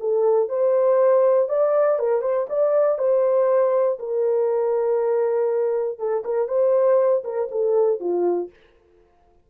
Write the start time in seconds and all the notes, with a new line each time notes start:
0.00 A4
0.49 C5
1.49 D5
1.99 A#4
2.22 C5
2.49 D5
2.98 C5
3.99 A#4
5.99 A4
6.24 A#4
6.48 C5
7.24 A#4
7.51 A4
8.00 F4